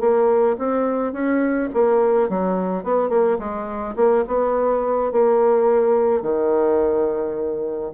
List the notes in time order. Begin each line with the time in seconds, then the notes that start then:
0.00 A#3
0.59 C4
1.13 C#4
1.74 A#3
2.30 F#3
2.84 B3
3.10 A#3
3.39 G#3
3.96 A#3
4.28 B3
5.12 A#3
6.22 D#3